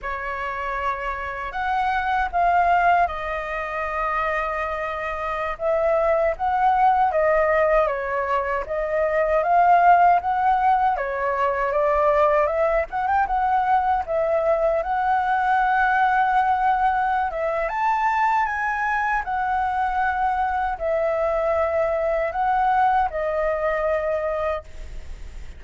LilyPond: \new Staff \with { instrumentName = "flute" } { \time 4/4 \tempo 4 = 78 cis''2 fis''4 f''4 | dis''2.~ dis''16 e''8.~ | e''16 fis''4 dis''4 cis''4 dis''8.~ | dis''16 f''4 fis''4 cis''4 d''8.~ |
d''16 e''8 fis''16 g''16 fis''4 e''4 fis''8.~ | fis''2~ fis''8 e''8 a''4 | gis''4 fis''2 e''4~ | e''4 fis''4 dis''2 | }